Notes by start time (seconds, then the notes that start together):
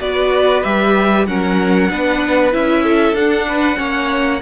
0.00 B3 F#4 B4 D5
0.63 G3 G4 E5
1.27 F#3 C#4 A#4 F#5
1.90 B3 D4 B4
2.52 C#4 E4 E5
2.84 A4
3.13 D4 F#5
3.20 D4
3.48 B4
3.77 A#3 C#4 C#5